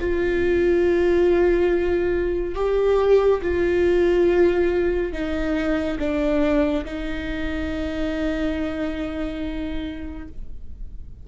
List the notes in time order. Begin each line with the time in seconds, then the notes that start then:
0.00 F4
2.55 G4
3.42 F4
5.13 D#4
5.99 D4
6.85 D#4